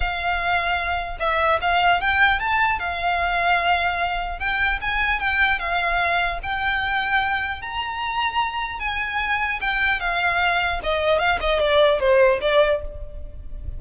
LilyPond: \new Staff \with { instrumentName = "violin" } { \time 4/4 \tempo 4 = 150 f''2. e''4 | f''4 g''4 a''4 f''4~ | f''2. g''4 | gis''4 g''4 f''2 |
g''2. ais''4~ | ais''2 gis''2 | g''4 f''2 dis''4 | f''8 dis''8 d''4 c''4 d''4 | }